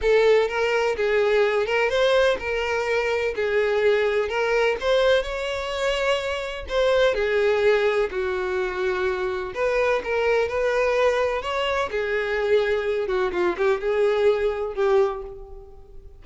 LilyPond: \new Staff \with { instrumentName = "violin" } { \time 4/4 \tempo 4 = 126 a'4 ais'4 gis'4. ais'8 | c''4 ais'2 gis'4~ | gis'4 ais'4 c''4 cis''4~ | cis''2 c''4 gis'4~ |
gis'4 fis'2. | b'4 ais'4 b'2 | cis''4 gis'2~ gis'8 fis'8 | f'8 g'8 gis'2 g'4 | }